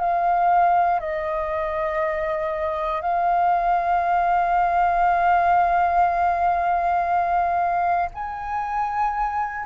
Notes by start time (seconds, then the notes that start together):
0.00 F5
1.00 D#5
3.01 F5
8.14 G#5